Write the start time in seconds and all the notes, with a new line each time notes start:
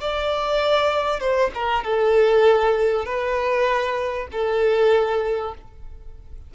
0.00 D5
1.20 C5
1.54 A#4
1.84 A4
3.05 B4
4.32 A4